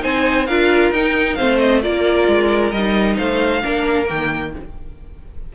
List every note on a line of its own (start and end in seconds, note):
0.00 0.49 C4
0.00 0.45 D#4
0.00 0.47 C5
0.00 0.47 G#5
0.47 0.91 D4
0.47 0.95 F4
0.47 1.37 A#4
0.47 0.92 F5
0.91 1.37 D#4
0.91 1.38 D#4
0.91 1.36 G5
1.36 1.86 A3
1.36 1.82 C4
1.36 1.82 C5
1.36 1.58 F5
1.59 1.82 D#5
1.82 2.28 A#3
1.82 2.72 F4
1.82 3.17 A#4
1.82 2.72 D5
2.28 2.72 G#3
2.72 3.18 G3
2.72 3.17 D#5
2.78 3.62 D#4
3.18 3.64 A3
3.18 3.63 C5
3.18 4.08 F5
3.62 4.10 A#3
3.62 4.06 D4
3.62 4.53 A#4
4.06 4.55 D#3
4.06 4.51 A#3
4.06 4.54 G5